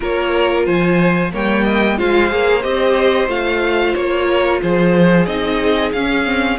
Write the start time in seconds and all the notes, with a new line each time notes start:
0.00 A#3 F4 A#4 C#5
0.65 F3 C5 G#5
1.32 G3 A#3 C#5 G5
1.64 D#5
1.97 G#3 F4 C5 F5
2.29 A#3 G#4
2.62 C4 G4 D#5
3.27 A3 F4 F5
3.94 A#3 C#5
4.27 A#4
4.62 F3 G#4 C5
5.25 C4 D#4 D#5
5.92 C#4 F5
6.25 C4